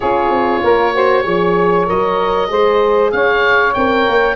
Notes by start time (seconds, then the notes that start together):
0.00 C#4 F4 G#4 C#5
0.29 C4
0.63 A#3 A#4
0.94 F#4 C5
1.23 F3 G#4 C#5
1.86 F#3 A#4 D#5
2.48 G#3 G#4 C5
3.11 C#4 C#5 F5
3.73 C4 A#4 G5
4.07 A#3